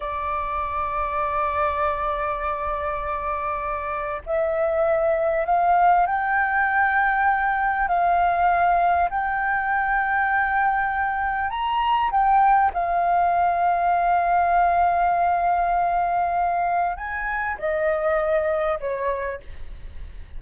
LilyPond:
\new Staff \with { instrumentName = "flute" } { \time 4/4 \tempo 4 = 99 d''1~ | d''2. e''4~ | e''4 f''4 g''2~ | g''4 f''2 g''4~ |
g''2. ais''4 | g''4 f''2.~ | f''1 | gis''4 dis''2 cis''4 | }